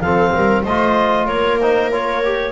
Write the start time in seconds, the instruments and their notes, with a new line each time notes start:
0.00 double bass F3, trombone C4, viola A4, clarinet F5
0.34 double bass G3, viola A#4
0.64 double bass A3, trombone F4, viola C5, clarinet D#5
1.26 double bass A#3, viola A#4, clarinet C#5
1.60 trombone D#4, clarinet C5
1.92 trombone F4, clarinet C#5
2.24 trombone G4